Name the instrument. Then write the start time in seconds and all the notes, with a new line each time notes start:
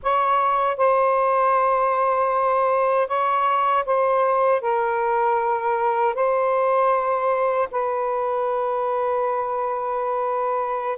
saxophone
0.02 C#5
0.77 C5
3.07 C#5
3.85 C5
4.61 A#4
6.14 C5
7.71 B4